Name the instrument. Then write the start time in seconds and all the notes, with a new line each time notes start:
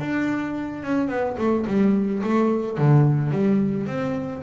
double bass
0.00 D4
0.83 C#4
1.09 B3
1.38 A3
1.67 G3
2.23 A3
2.78 D3
3.32 G3
3.87 C4